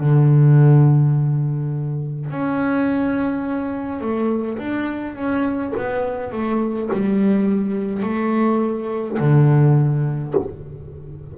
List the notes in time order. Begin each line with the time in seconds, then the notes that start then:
0.00 D3
2.31 C#4
4.01 A3
4.58 D4
5.16 C#4
5.77 B3
6.32 A3
6.93 G3
8.03 A3
9.19 D3